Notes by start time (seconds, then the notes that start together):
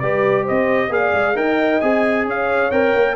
0.00 G3 G4 B4 D5
0.43 C5 D#5
0.50 C4
0.89 A#3 G#4 D5 F5
1.13 G#3
1.35 D#4 A#4 D#5 G5
1.81 C4 G#4 G#5
2.25 C#4 C#5 F5
2.71 C4 A#4 G5
2.95 A#3